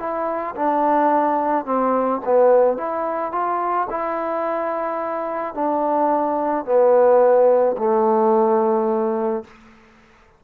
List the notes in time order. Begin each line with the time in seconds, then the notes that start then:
0.00 E4
0.56 D4
1.66 C4
2.25 B3
2.78 E4
3.33 F4
3.91 E4
5.55 D4
6.65 B3
7.78 A3